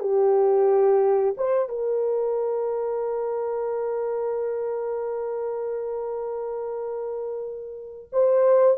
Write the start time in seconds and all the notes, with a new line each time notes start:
0.00 G4
1.37 C5
1.69 A#4
8.13 C5